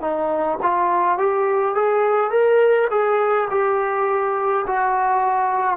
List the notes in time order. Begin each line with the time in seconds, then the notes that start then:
0.00 D#4
0.62 F4
1.18 G4
1.75 G#4
2.30 A#4
2.90 G#4
3.50 G4
4.67 F#4